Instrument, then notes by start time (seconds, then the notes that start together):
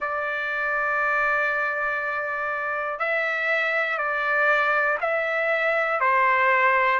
trumpet
0.00 D5
2.99 E5
3.98 D5
5.00 E5
6.00 C5